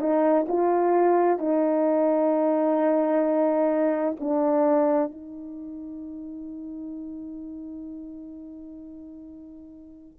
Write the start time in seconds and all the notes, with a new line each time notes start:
0.00 D#4
0.49 F4
1.39 D#4
4.20 D4
5.12 D#4